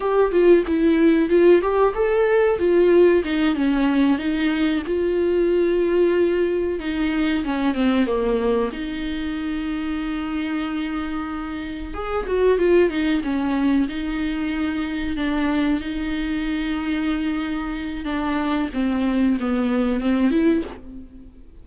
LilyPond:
\new Staff \with { instrumentName = "viola" } { \time 4/4 \tempo 4 = 93 g'8 f'8 e'4 f'8 g'8 a'4 | f'4 dis'8 cis'4 dis'4 f'8~ | f'2~ f'8 dis'4 cis'8 | c'8 ais4 dis'2~ dis'8~ |
dis'2~ dis'8 gis'8 fis'8 f'8 | dis'8 cis'4 dis'2 d'8~ | d'8 dis'2.~ dis'8 | d'4 c'4 b4 c'8 e'8 | }